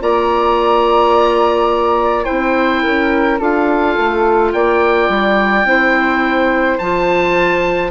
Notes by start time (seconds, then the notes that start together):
0.00 A#3 F4 D5 A#5
2.25 C4 E4 C5 G5
2.83 C#4 A#4
3.39 D4 F4 A4 F5
3.98 A3
4.53 A#3 D5 G5
5.08 G3
5.64 C4 E4 C5
6.78 F3 F4 A5